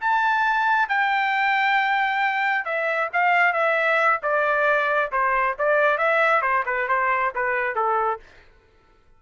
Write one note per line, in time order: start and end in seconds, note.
0.00 0.88 A5
0.88 2.64 G5
2.64 3.09 E5
3.12 3.53 F5
3.53 4.19 E5
4.22 5.11 D5
5.11 5.56 C5
5.58 5.97 D5
5.97 6.41 E5
6.41 6.63 C5
6.65 6.88 B4
6.88 7.32 C5
7.35 7.75 B4
7.75 8.20 A4